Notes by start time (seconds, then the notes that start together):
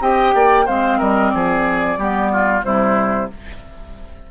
0.00 C4 G4 D#5 G5
0.34 A#3 D5
0.65 G#3 C4 C5 F5
0.98 G3 A#4 D#5
1.30 F3 G#4 D5
1.97 G3 B3 G4
2.32 F4
2.62 C3 G3 E4 C5